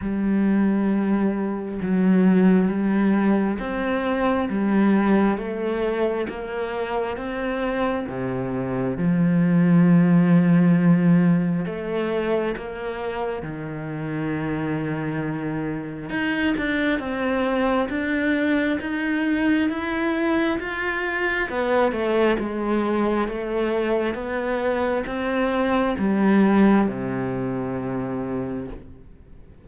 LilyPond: \new Staff \with { instrumentName = "cello" } { \time 4/4 \tempo 4 = 67 g2 fis4 g4 | c'4 g4 a4 ais4 | c'4 c4 f2~ | f4 a4 ais4 dis4~ |
dis2 dis'8 d'8 c'4 | d'4 dis'4 e'4 f'4 | b8 a8 gis4 a4 b4 | c'4 g4 c2 | }